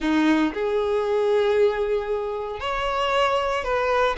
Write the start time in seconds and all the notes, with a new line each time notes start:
0.00 D#4
0.53 G#4
2.60 C#5
3.64 B4